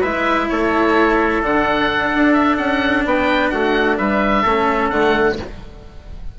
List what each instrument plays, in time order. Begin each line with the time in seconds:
0.00 bassoon G#3, cello E4, trumpet B4, oboe E5
0.49 bassoon A3, trumpet A4, oboe C#5
1.42 bassoon D3, cello D4, oboe F#5
2.14 bassoon D4
2.33 oboe E5
2.57 bassoon C#4, oboe F#5
3.05 bassoon B3, trumpet B4, oboe G5
3.50 bassoon A3, trumpet F#4, oboe F#5
3.97 bassoon G3, trumpet B4, oboe E5
4.42 bassoon A3, cello C#4, trumpet A4
4.89 bassoon D3, cello A3, oboe F#5